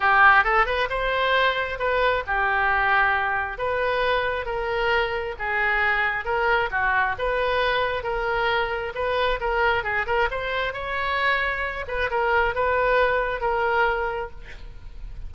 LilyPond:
\new Staff \with { instrumentName = "oboe" } { \time 4/4 \tempo 4 = 134 g'4 a'8 b'8 c''2 | b'4 g'2. | b'2 ais'2 | gis'2 ais'4 fis'4 |
b'2 ais'2 | b'4 ais'4 gis'8 ais'8 c''4 | cis''2~ cis''8 b'8 ais'4 | b'2 ais'2 | }